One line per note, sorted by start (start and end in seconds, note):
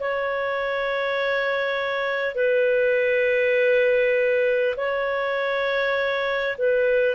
0.00 2.36 C#5
2.36 4.76 B4
4.77 6.57 C#5
6.58 7.16 B4